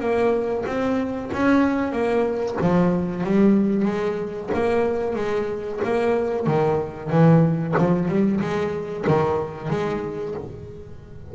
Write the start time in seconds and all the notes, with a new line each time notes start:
0.00 A#3
0.66 C4
1.33 C#4
1.92 A#3
2.62 F3
3.24 G3
3.85 G#3
4.54 A#3
5.16 G#3
5.84 A#3
6.47 D#3
7.10 E3
7.78 F3
8.08 G3
8.41 G#3
9.08 D#3
9.70 G#3